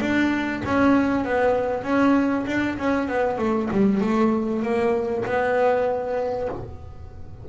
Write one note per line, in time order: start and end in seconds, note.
0.00 0.62 D4
0.65 1.25 C#4
1.25 1.83 B3
1.83 2.45 C#4
2.47 2.78 D4
2.78 3.08 C#4
3.08 3.38 B3
3.38 3.69 A3
3.71 4.01 G3
4.01 4.62 A3
4.62 5.24 A#3
5.25 6.49 B3